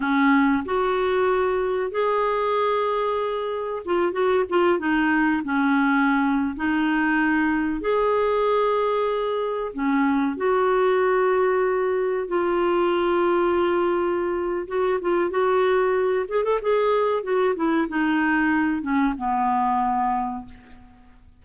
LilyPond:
\new Staff \with { instrumentName = "clarinet" } { \time 4/4 \tempo 4 = 94 cis'4 fis'2 gis'4~ | gis'2 f'8 fis'8 f'8 dis'8~ | dis'8 cis'4.~ cis'16 dis'4.~ dis'16~ | dis'16 gis'2. cis'8.~ |
cis'16 fis'2. f'8.~ | f'2. fis'8 f'8 | fis'4. gis'16 a'16 gis'4 fis'8 e'8 | dis'4. cis'8 b2 | }